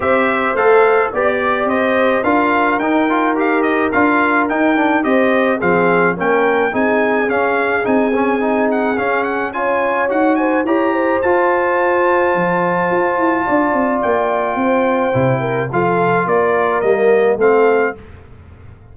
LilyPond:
<<
  \new Staff \with { instrumentName = "trumpet" } { \time 4/4 \tempo 4 = 107 e''4 f''4 d''4 dis''4 | f''4 g''4 f''8 dis''8 f''4 | g''4 dis''4 f''4 g''4 | gis''4 f''4 gis''4. fis''8 |
f''8 fis''8 gis''4 fis''8 gis''8 ais''4 | a''1~ | a''4 g''2. | f''4 d''4 dis''4 f''4 | }
  \new Staff \with { instrumentName = "horn" } { \time 4/4 c''2 d''4 c''4 | ais'1~ | ais'4 c''4 gis'4 ais'4 | gis'1~ |
gis'4 cis''4. c''8 cis''8 c''8~ | c''1 | d''2 c''4. ais'8 | a'4 ais'2 a'4 | }
  \new Staff \with { instrumentName = "trombone" } { \time 4/4 g'4 a'4 g'2 | f'4 dis'8 f'8 g'4 f'4 | dis'8 d'8 g'4 c'4 cis'4 | dis'4 cis'4 dis'8 cis'8 dis'4 |
cis'4 f'4 fis'4 g'4 | f'1~ | f'2. e'4 | f'2 ais4 c'4 | }
  \new Staff \with { instrumentName = "tuba" } { \time 4/4 c'4 a4 b4 c'4 | d'4 dis'2 d'4 | dis'4 c'4 f4 ais4 | c'4 cis'4 c'2 |
cis'2 dis'4 e'4 | f'2 f4 f'8 e'8 | d'8 c'8 ais4 c'4 c4 | f4 ais4 g4 a4 | }
>>